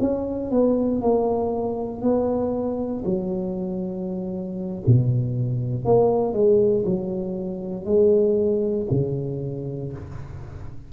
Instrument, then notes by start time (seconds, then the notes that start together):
tuba
0.00 C#4
0.51 B3
1.02 A#3
2.02 B3
3.05 F#3
4.86 B2
5.85 A#3
6.33 G#3
6.85 F#3
7.85 G#3
8.91 C#3